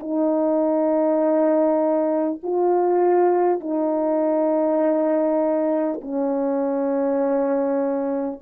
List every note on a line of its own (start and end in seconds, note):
0.00 2.40 D#4
2.43 3.61 F4
3.61 6.01 D#4
6.02 8.42 C#4